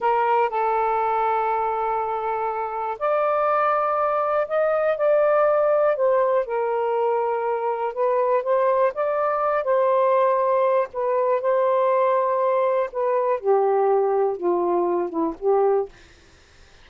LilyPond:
\new Staff \with { instrumentName = "saxophone" } { \time 4/4 \tempo 4 = 121 ais'4 a'2.~ | a'2 d''2~ | d''4 dis''4 d''2 | c''4 ais'2. |
b'4 c''4 d''4. c''8~ | c''2 b'4 c''4~ | c''2 b'4 g'4~ | g'4 f'4. e'8 g'4 | }